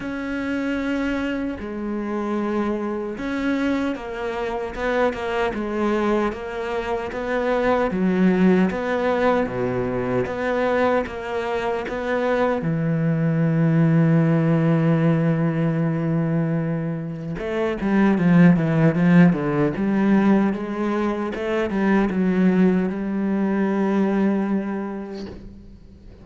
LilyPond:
\new Staff \with { instrumentName = "cello" } { \time 4/4 \tempo 4 = 76 cis'2 gis2 | cis'4 ais4 b8 ais8 gis4 | ais4 b4 fis4 b4 | b,4 b4 ais4 b4 |
e1~ | e2 a8 g8 f8 e8 | f8 d8 g4 gis4 a8 g8 | fis4 g2. | }